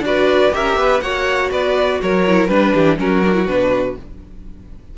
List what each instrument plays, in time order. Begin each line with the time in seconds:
0.00 cello D4, viola F#4, violin D5
0.06 violin B4
0.51 cello C#4, viola G4, violin A#4 E5
0.76 cello B3, violin B4
1.01 cello A#3, viola F#4, violin C#5 F#5
1.51 cello B3, violin B4 D5
2.02 cello F#3, violin A#4 C#5
2.27 viola E4
2.47 cello G3, viola D4, violin B4
2.74 cello E3, violin G4
2.97 cello F#3, viola C#4, violin F#4 A#4
3.25 viola D4
3.34 viola E4
3.47 cello B2, viola D4, violin B4